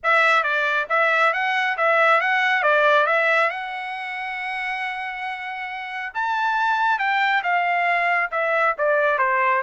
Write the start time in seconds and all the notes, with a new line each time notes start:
0.03 E5
0.43 D5
0.89 E5
1.33 F#5
1.77 E5
2.21 F#5
2.63 D5
3.06 E5
3.49 F#5
6.14 A5
6.98 G5
7.43 F5
8.31 E5
8.78 D5
9.18 C5